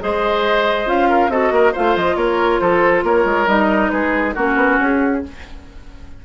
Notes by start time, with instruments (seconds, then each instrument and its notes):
0.00 bassoon G#3, clarinet G#4, oboe C5, flute D#5
0.86 bassoon C#4, clarinet F4, flute F5
1.09 oboe A#4
1.29 bassoon C4, clarinet F#4, oboe A4, flute D#5
1.51 bassoon A#3, oboe A#4
1.72 bassoon A3, clarinet F4, oboe C5, flute F5
1.96 bassoon F3, flute D#5
2.16 bassoon A#3, oboe A#4, flute C#5
2.59 bassoon F3, oboe A4, flute C5
3.03 bassoon A#3, oboe A#4, flute C#5
3.25 bassoon G#3
3.47 bassoon G3, clarinet D#4, flute D#5
3.89 bassoon G#3, oboe G#4, flute B4
4.34 bassoon A#3, clarinet C#4, oboe F#4, flute A#4
4.56 bassoon B3
4.80 bassoon C#4, flute G#4